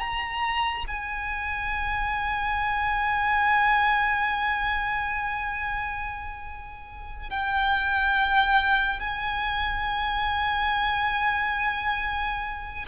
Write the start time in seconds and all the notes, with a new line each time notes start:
0.00 A#5
0.88 G#5
7.31 G5
9.00 G#5